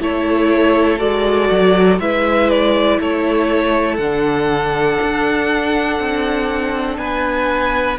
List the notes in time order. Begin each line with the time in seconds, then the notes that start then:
0.00 A3 E4 A4 C#5
0.98 G#3 F#4 D5
1.51 F#3
1.99 G#3 E4 B4 E5
2.50 D5
3.00 A3 A4 C#5
3.97 D3 D4 F#5
5.01 D4
5.99 C4
6.97 B3 B4 G#5